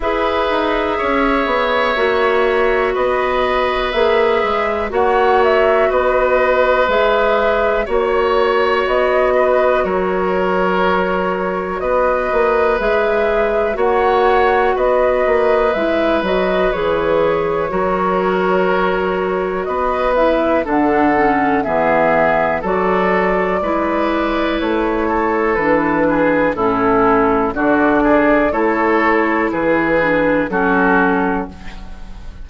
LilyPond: <<
  \new Staff \with { instrumentName = "flute" } { \time 4/4 \tempo 4 = 61 e''2. dis''4 | e''4 fis''8 e''8 dis''4 e''4 | cis''4 dis''4 cis''2 | dis''4 e''4 fis''4 dis''4 |
e''8 dis''8 cis''2. | dis''8 e''8 fis''4 e''4 d''4~ | d''4 cis''4 b'4 a'4 | d''4 cis''4 b'4 a'4 | }
  \new Staff \with { instrumentName = "oboe" } { \time 4/4 b'4 cis''2 b'4~ | b'4 cis''4 b'2 | cis''4. b'8 ais'2 | b'2 cis''4 b'4~ |
b'2 ais'2 | b'4 a'4 gis'4 a'4 | b'4. a'4 gis'8 e'4 | fis'8 gis'8 a'4 gis'4 fis'4 | }
  \new Staff \with { instrumentName = "clarinet" } { \time 4/4 gis'2 fis'2 | gis'4 fis'2 gis'4 | fis'1~ | fis'4 gis'4 fis'2 |
e'8 fis'8 gis'4 fis'2~ | fis'8 e'8 d'8 cis'8 b4 fis'4 | e'2 d'4 cis'4 | d'4 e'4. d'8 cis'4 | }
  \new Staff \with { instrumentName = "bassoon" } { \time 4/4 e'8 dis'8 cis'8 b8 ais4 b4 | ais8 gis8 ais4 b4 gis4 | ais4 b4 fis2 | b8 ais8 gis4 ais4 b8 ais8 |
gis8 fis8 e4 fis2 | b4 d4 e4 fis4 | gis4 a4 e4 a,4 | d4 a4 e4 fis4 | }
>>